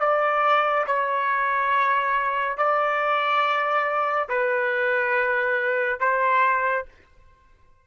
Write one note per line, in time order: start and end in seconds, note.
0.00 0.86 D5
0.87 2.58 C#5
2.58 4.29 D5
4.29 6.00 B4
6.00 6.86 C5